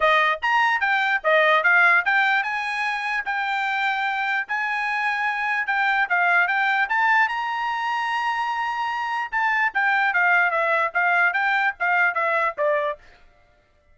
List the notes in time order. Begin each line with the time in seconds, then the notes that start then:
0.00 D#5
0.42 A#5
0.80 G5
1.23 D#5
1.63 F5
2.05 G5
2.43 G#5
3.25 G5
4.47 G#5
5.66 G5
6.09 F5
6.47 G5
6.89 A5
7.28 A#5
9.31 A5
9.74 G5
10.13 F5
10.50 E5
10.93 F5
11.33 G5
11.79 F5
12.14 E5
12.57 D5